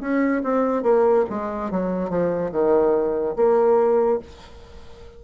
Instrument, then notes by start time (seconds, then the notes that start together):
bassoon
0.00 C#4
0.44 C4
0.83 A#3
1.29 G#3
1.70 F#3
2.09 F3
2.52 D#3
3.36 A#3